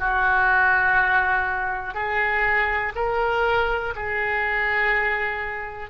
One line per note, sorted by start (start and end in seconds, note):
0.00 1.94 F#4
1.94 2.93 G#4
2.96 3.94 A#4
3.96 5.90 G#4